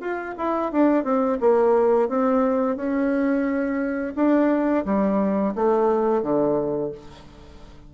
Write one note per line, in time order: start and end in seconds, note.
0.00 0.34 F4
0.37 0.71 E4
0.71 1.04 D4
1.04 1.38 C4
1.40 2.08 A#3
2.08 2.76 C4
2.76 4.14 C#4
4.15 4.84 D4
4.85 5.54 G3
5.55 6.22 A3
6.22 6.91 D3